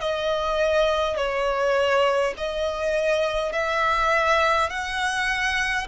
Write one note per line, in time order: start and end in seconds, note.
0.00 1.17 D#5
1.17 2.34 C#5
2.37 3.52 D#5
3.52 4.70 E5
4.70 5.87 F#5